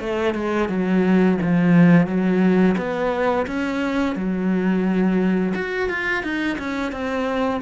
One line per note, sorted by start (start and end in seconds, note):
0.00 0.34 A3
0.34 0.69 G#3
0.69 1.38 F#3
1.41 2.07 F3
2.07 2.76 F#3
2.77 3.46 B3
3.46 4.15 C#4
4.15 5.53 F#3
5.55 5.89 F#4
5.89 6.23 F4
6.23 6.57 D#4
6.58 6.92 C#4
6.92 7.61 C4